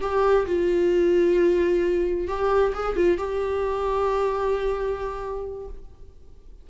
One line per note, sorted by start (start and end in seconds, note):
0.00 0.45 G4
0.46 2.27 F4
2.27 2.73 G4
2.74 2.96 G#4
2.96 3.18 F4
3.18 5.68 G4